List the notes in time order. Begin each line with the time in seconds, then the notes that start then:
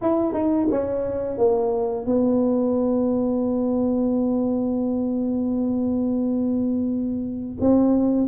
0.01 E4
0.33 D#4
0.71 C#4
1.37 A#3
2.05 B3
7.60 C4